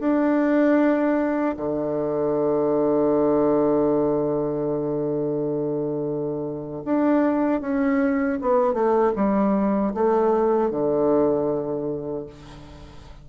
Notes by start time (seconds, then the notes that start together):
0.00 D4
1.57 D3
6.85 D4
7.61 C#4
8.42 B3
8.74 A3
9.16 G3
9.94 A3
10.71 D3